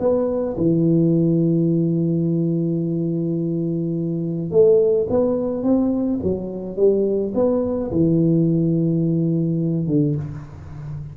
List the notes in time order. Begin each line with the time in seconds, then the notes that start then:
0.00 B3
0.57 E3
4.51 A3
5.10 B3
5.63 C4
6.23 F#3
6.77 G3
7.35 B3
7.91 E3
9.87 D3